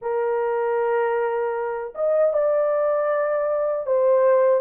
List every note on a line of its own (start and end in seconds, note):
0.01 1.93 A#4
1.94 2.33 D#5
2.33 3.86 D5
3.86 4.60 C5